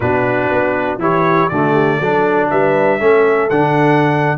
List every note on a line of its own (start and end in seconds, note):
0.00 0.50 B2
0.00 0.99 D4
0.00 1.01 F#4
0.00 0.99 B4
0.51 0.97 B3
0.97 1.47 E3
0.97 1.49 E4
0.97 1.51 G4
0.97 1.48 C#5
1.48 1.99 D3
1.48 2.02 A3
1.48 1.72 F#4
1.48 2.48 D5
1.72 1.97 G4
1.99 2.49 F#3
1.99 2.99 D4
1.99 2.49 A4
2.50 3.00 G3
2.50 3.00 B4
2.50 3.49 E5
2.99 3.50 A3
2.99 3.49 C#4
2.99 4.37 A4
3.49 4.37 D3
3.49 4.37 D4
3.49 4.37 F#5